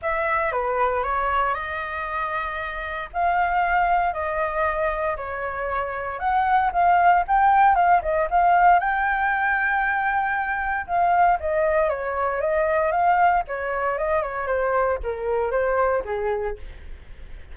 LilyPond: \new Staff \with { instrumentName = "flute" } { \time 4/4 \tempo 4 = 116 e''4 b'4 cis''4 dis''4~ | dis''2 f''2 | dis''2 cis''2 | fis''4 f''4 g''4 f''8 dis''8 |
f''4 g''2.~ | g''4 f''4 dis''4 cis''4 | dis''4 f''4 cis''4 dis''8 cis''8 | c''4 ais'4 c''4 gis'4 | }